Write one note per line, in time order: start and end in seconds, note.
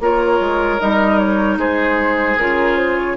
0.00 0.39 A#3
0.00 0.80 F4
0.00 1.59 A#4
0.00 0.80 C#5
0.40 0.79 G#3
0.80 1.58 G3
0.80 2.38 D#4
0.80 1.19 D#5
1.19 1.58 C#5
1.58 2.37 G#3
1.58 3.17 G#4
1.58 2.38 C5
2.38 3.17 C#3
2.38 3.17 F4
2.38 2.77 A#4
2.77 2.97 C5
2.97 3.17 C#5